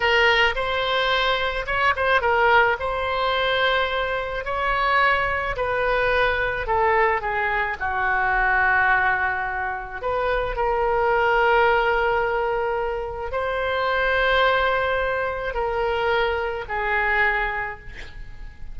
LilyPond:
\new Staff \with { instrumentName = "oboe" } { \time 4/4 \tempo 4 = 108 ais'4 c''2 cis''8 c''8 | ais'4 c''2. | cis''2 b'2 | a'4 gis'4 fis'2~ |
fis'2 b'4 ais'4~ | ais'1 | c''1 | ais'2 gis'2 | }